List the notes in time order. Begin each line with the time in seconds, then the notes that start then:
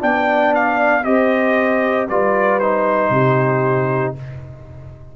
0.00 B3 D4 D5 G5
0.55 F5
1.04 C4 G4 C5 D#5
2.09 G3 F4 B4 D5
2.60 D#4 C5
3.10 C3 G4